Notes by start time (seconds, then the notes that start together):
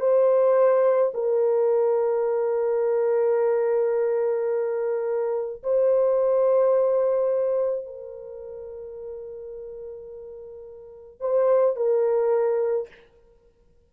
0.00 C5
1.14 A#4
5.63 C5
7.86 A#4
11.20 C5
11.76 A#4